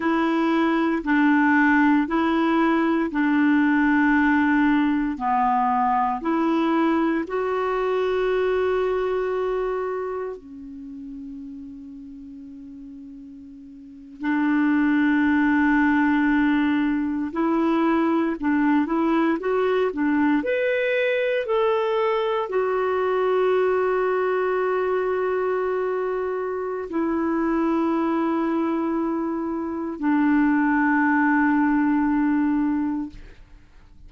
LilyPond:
\new Staff \with { instrumentName = "clarinet" } { \time 4/4 \tempo 4 = 58 e'4 d'4 e'4 d'4~ | d'4 b4 e'4 fis'4~ | fis'2 cis'2~ | cis'4.~ cis'16 d'2~ d'16~ |
d'8. e'4 d'8 e'8 fis'8 d'8 b'16~ | b'8. a'4 fis'2~ fis'16~ | fis'2 e'2~ | e'4 d'2. | }